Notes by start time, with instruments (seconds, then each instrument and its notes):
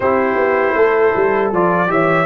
0.00 tuba C4, trombone E4, horn G4, trumpet C5
0.36 tuba B3
0.75 tuba A3, horn A4
1.15 tuba G3
1.51 tuba F3, trombone F4, trumpet D5
1.87 tuba E3, trombone G4, horn C#5, trumpet E5